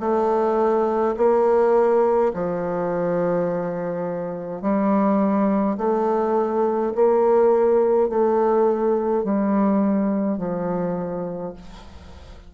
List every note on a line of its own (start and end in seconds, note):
0.00 1.15 A3
1.17 2.32 A#3
2.34 4.62 F3
4.62 5.77 G3
5.77 6.93 A3
6.95 8.09 A#3
8.09 9.24 A3
9.24 10.38 G3
10.38 11.53 F3